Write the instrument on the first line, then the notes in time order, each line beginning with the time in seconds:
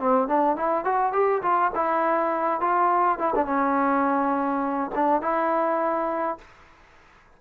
trombone
0.00 C4
0.28 D4
0.56 E4
0.85 F#4
1.13 G4
1.42 F4
1.75 E4
2.61 F4
3.19 E4
3.36 D4
3.46 C#4
4.95 D4
5.22 E4